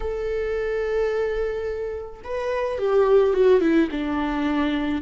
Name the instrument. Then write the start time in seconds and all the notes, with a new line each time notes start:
viola
0.00 A4
2.24 B4
2.78 G4
3.33 F#4
3.61 E4
3.91 D4